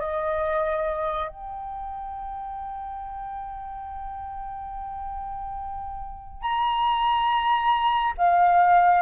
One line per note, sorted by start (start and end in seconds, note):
0.00 1.29 D#5
1.29 6.42 G5
6.42 8.14 A#5
8.18 9.02 F5